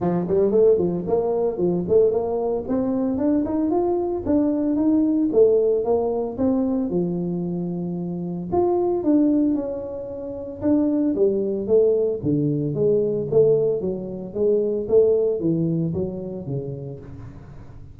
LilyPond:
\new Staff \with { instrumentName = "tuba" } { \time 4/4 \tempo 4 = 113 f8 g8 a8 f8 ais4 f8 a8 | ais4 c'4 d'8 dis'8 f'4 | d'4 dis'4 a4 ais4 | c'4 f2. |
f'4 d'4 cis'2 | d'4 g4 a4 d4 | gis4 a4 fis4 gis4 | a4 e4 fis4 cis4 | }